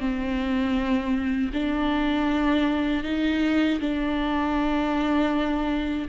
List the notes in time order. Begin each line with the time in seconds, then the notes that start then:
0.00 C4
1.53 D4
3.04 D#4
3.80 D4